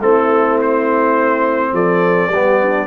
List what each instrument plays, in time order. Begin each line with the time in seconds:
0.00 tuba A3, trombone C4, horn E4, trumpet A4
0.61 trumpet C5
1.72 tuba F3, horn A4, trumpet D5
2.29 tuba G3, trombone B3, horn G4
2.62 horn D4